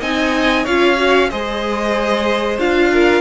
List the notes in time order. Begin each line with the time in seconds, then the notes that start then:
0.00 C4 D#4 D#5 G#5
0.64 C#4 F4 C#5 F5
0.97 F#4
1.30 G#3 G#4 C5 D#5
2.58 D4 F4 F5
2.93 A#4